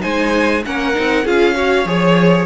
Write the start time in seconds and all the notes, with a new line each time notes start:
0.00 G#3 D#4 C5 G#5
0.66 A#3 C#4 A#4 F#5
0.94 C4 D#4
1.25 C#4 F4 G#4 F5
1.55 F#4 C#5
1.85 F3 G#4 C#5